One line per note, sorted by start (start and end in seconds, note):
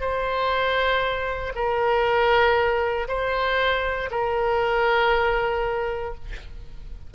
0.00 1.53 C5
1.55 3.07 A#4
3.08 4.10 C5
4.11 6.14 A#4